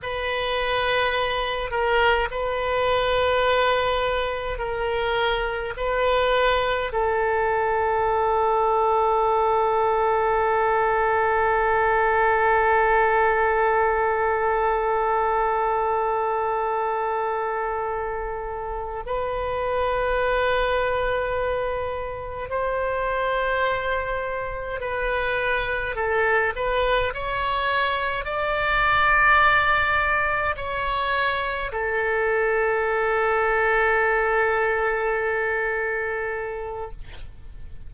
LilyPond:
\new Staff \with { instrumentName = "oboe" } { \time 4/4 \tempo 4 = 52 b'4. ais'8 b'2 | ais'4 b'4 a'2~ | a'1~ | a'1~ |
a'8 b'2. c''8~ | c''4. b'4 a'8 b'8 cis''8~ | cis''8 d''2 cis''4 a'8~ | a'1 | }